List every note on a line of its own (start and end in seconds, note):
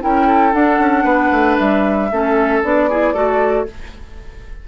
0.00 0.53 C#4
0.00 0.52 E4
0.00 0.26 A#4
0.00 0.53 G5
0.26 1.03 A4
0.52 2.09 D4
0.52 0.78 D4
0.52 1.57 F#5
0.78 1.03 C#4
1.03 1.30 B3
1.03 2.08 B4
1.31 1.57 A3
1.58 2.11 G3
1.58 2.62 E5
2.12 2.63 A3
2.12 2.63 C#4
2.12 2.89 A4
2.63 3.14 B3
2.63 2.89 D4
2.63 3.67 D5
2.89 3.13 E4
2.89 3.13 G#4
3.13 3.66 A3
3.13 3.66 F#4
3.13 3.65 A4